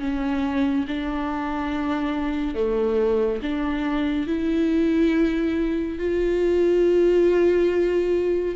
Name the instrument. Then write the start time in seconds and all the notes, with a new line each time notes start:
viola
0.00 C#4
0.87 D4
2.55 A3
3.42 D4
4.27 E4
5.98 F4